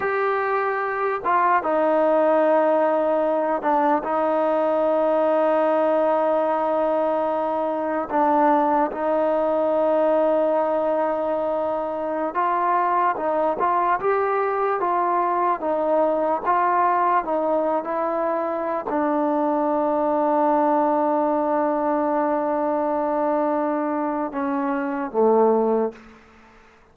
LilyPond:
\new Staff \with { instrumentName = "trombone" } { \time 4/4 \tempo 4 = 74 g'4. f'8 dis'2~ | dis'8 d'8 dis'2.~ | dis'2 d'4 dis'4~ | dis'2.~ dis'16 f'8.~ |
f'16 dis'8 f'8 g'4 f'4 dis'8.~ | dis'16 f'4 dis'8. e'4~ e'16 d'8.~ | d'1~ | d'2 cis'4 a4 | }